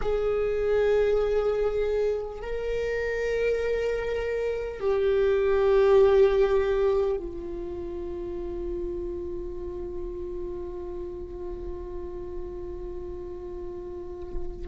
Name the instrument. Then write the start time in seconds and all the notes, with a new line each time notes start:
viola
0.01 G#4
2.41 A#4
4.80 G4
7.16 F4